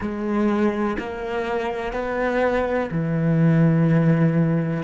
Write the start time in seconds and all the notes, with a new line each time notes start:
0.00 G#3
0.99 A#3
1.93 B3
2.91 E3